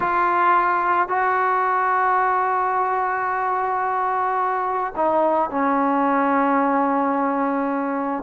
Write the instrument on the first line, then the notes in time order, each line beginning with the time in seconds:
trombone
0.00 F4
1.08 F#4
4.96 D#4
5.50 C#4